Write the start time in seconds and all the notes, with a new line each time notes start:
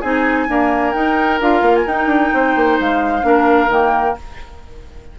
0.00 C4 D#4 G#4 G#5
0.48 A#3 D4 A#4
0.93 D#4 G5
1.40 D4 F4 F5
1.61 A#3
1.76 G#5
1.87 D#4 G5
2.06 D4
2.33 C4 C5
2.55 A#3
2.80 G#3 F5
3.22 A#3 D4 A#4
3.68 D#3 A#3 G5